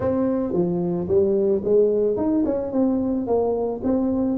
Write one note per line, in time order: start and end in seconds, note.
0.00 0.53 C4
0.53 1.07 F3
1.08 1.62 G3
1.64 2.17 G#3
2.17 2.44 D#4
2.45 2.72 C#4
2.72 3.26 C4
3.26 3.81 A#3
3.83 4.37 C4